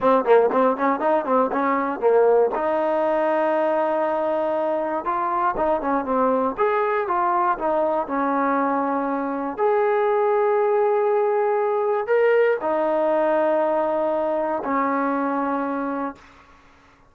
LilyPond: \new Staff \with { instrumentName = "trombone" } { \time 4/4 \tempo 4 = 119 c'8 ais8 c'8 cis'8 dis'8 c'8 cis'4 | ais4 dis'2.~ | dis'2 f'4 dis'8 cis'8 | c'4 gis'4 f'4 dis'4 |
cis'2. gis'4~ | gis'1 | ais'4 dis'2.~ | dis'4 cis'2. | }